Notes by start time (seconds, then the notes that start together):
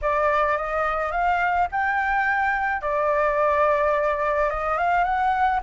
0.01 D5
0.57 D#5
1.11 F5
1.71 G5
2.81 D5
4.50 D#5
4.77 F5
5.03 F#5